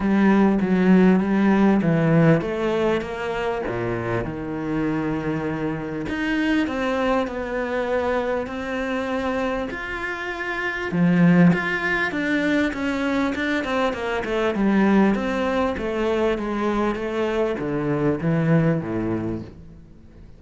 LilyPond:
\new Staff \with { instrumentName = "cello" } { \time 4/4 \tempo 4 = 99 g4 fis4 g4 e4 | a4 ais4 ais,4 dis4~ | dis2 dis'4 c'4 | b2 c'2 |
f'2 f4 f'4 | d'4 cis'4 d'8 c'8 ais8 a8 | g4 c'4 a4 gis4 | a4 d4 e4 a,4 | }